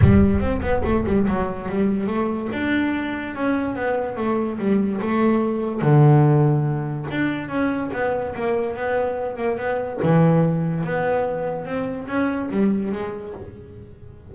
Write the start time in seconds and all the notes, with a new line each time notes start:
0.01 G3
0.40 C4
0.61 B3
0.84 A3
1.06 G3
1.28 F#3
1.69 G3
2.06 A3
2.52 D4
3.35 C#4
3.75 B3
4.16 A3
4.58 G3
5.01 A3
5.81 D3
7.10 D4
7.48 C#4
7.92 B3
8.35 A#3
8.76 B3
9.36 A#3
9.57 B3
10.02 E3
10.84 B3
11.65 C4
12.07 C#4
12.50 G3
12.92 G#3